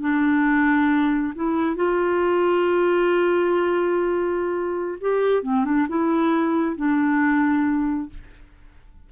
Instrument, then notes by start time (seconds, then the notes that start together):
clarinet
0.00 D4
1.35 E4
1.76 F4
5.00 G4
5.42 C4
5.65 D4
5.88 E4
6.76 D4